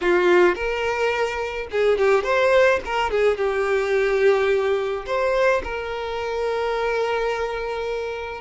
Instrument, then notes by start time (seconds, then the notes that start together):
violin
0.01 F4
0.55 A#4
1.71 G#4
1.98 G4
2.23 C5
2.85 A#4
3.10 G#4
3.37 G4
5.05 C5
5.63 A#4